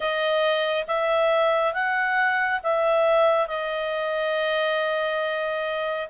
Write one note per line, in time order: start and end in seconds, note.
0.00 0.85 D#5
0.87 1.73 E5
1.73 2.60 F#5
2.63 3.47 E5
3.47 6.08 D#5